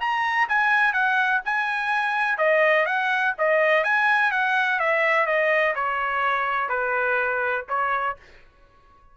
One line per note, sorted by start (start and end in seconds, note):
0.00 0.48 A#5
0.48 0.93 G#5
0.93 1.41 F#5
1.45 2.38 G#5
2.38 2.86 D#5
2.86 3.34 F#5
3.38 3.83 D#5
3.83 4.31 G#5
4.31 4.79 F#5
4.79 5.26 E5
5.26 5.74 D#5
5.75 6.69 C#5
6.69 7.65 B4
7.68 8.16 C#5